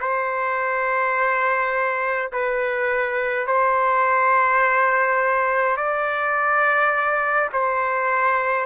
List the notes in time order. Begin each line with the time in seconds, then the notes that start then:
0.00 C5
2.32 B4
3.47 C5
5.77 D5
7.53 C5